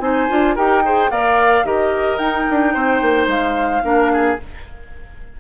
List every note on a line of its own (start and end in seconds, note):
0.00 0.27 C4
0.00 0.29 D#4
0.00 0.55 C5
0.00 0.55 G#5
0.29 0.57 D4
0.29 0.56 F4
0.55 1.11 D#4
0.55 0.84 G4
0.55 0.82 A#4
0.55 1.11 G5
0.85 1.11 G#4
0.85 1.11 C5
1.11 1.64 A#3
1.11 1.64 A#4
1.11 1.66 D5
1.11 1.66 F5
1.64 2.18 D#3
1.64 2.19 G4
1.64 2.74 A#4
1.64 2.18 D#5
2.18 2.46 D#4
2.18 3.83 D#4
2.18 3.27 G5
2.50 2.75 D4
2.74 3.02 C4
2.74 3.83 C5
3.02 3.27 A#3
3.27 3.81 G#3
3.27 4.39 F5
3.83 4.38 A#3
3.83 4.37 D4
3.83 4.12 A#4
4.13 4.40 G#4